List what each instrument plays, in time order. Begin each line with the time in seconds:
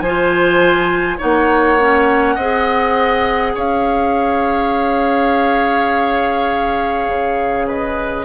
0.00 bassoon F3, oboe C5, flute G#5
0.06 clarinet F4
1.18 bassoon A#3, clarinet D#4, oboe C#5, flute F#5
1.80 clarinet C#4
2.35 bassoon C4, clarinet G#4, oboe D#5
3.55 bassoon C#4, oboe C#5, flute F5
7.08 bassoon C#3
7.68 oboe B4, flute D#5